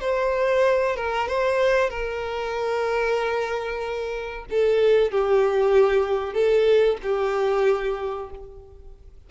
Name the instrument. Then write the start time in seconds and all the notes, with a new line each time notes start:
violin
0.00 C5
0.96 A#4
1.28 C5
1.90 A#4
4.50 A4
5.12 G4
6.34 A4
7.02 G4